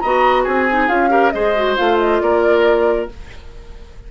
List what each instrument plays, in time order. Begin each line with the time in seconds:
0.00 bassoon B3, clarinet F#4, oboe D#5, flute A#5
0.44 bassoon C4, oboe G#4, flute G#5
0.70 clarinet D#4
0.88 bassoon C#4, clarinet F4, flute F5
1.10 clarinet G4, oboe A#4
1.31 bassoon G#3, clarinet G#4, oboe C5, flute D#5
1.56 clarinet F#4
1.77 bassoon A3, clarinet F4, flute F5
1.99 flute D#5
2.21 bassoon A#3, oboe A#4, flute D5